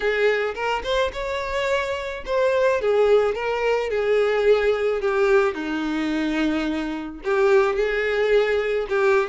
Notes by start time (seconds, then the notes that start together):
0.00 G#4
0.54 A#4
0.83 C5
1.12 C#5
2.25 C5
2.81 G#4
3.34 A#4
3.90 G#4
5.01 G4
5.54 D#4
7.24 G4
7.75 G#4
8.89 G4